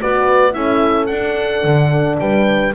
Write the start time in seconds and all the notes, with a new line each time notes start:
0.00 B3 F#4 B4 D5
0.51 C#4 E4 A4 E5
1.06 D4 F#5
1.64 D3
2.20 G3 B4 G5